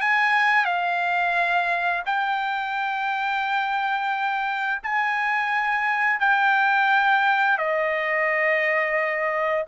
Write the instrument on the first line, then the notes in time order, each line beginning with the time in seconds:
trumpet
0.00 G#5
0.65 F5
2.05 G5
4.82 G#5
6.19 G5
7.58 D#5